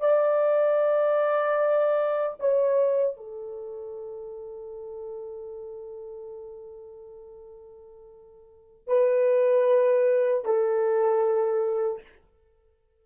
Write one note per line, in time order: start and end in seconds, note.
0.00 2.37 D5
2.39 3.17 C#5
3.17 8.87 A4
8.87 10.45 B4
10.45 12.03 A4